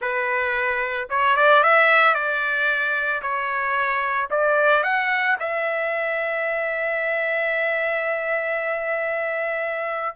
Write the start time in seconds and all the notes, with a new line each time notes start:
0.01 B4
1.09 C#5
1.36 D5
1.63 E5
2.14 D5
3.21 C#5
4.30 D5
4.83 F#5
5.39 E5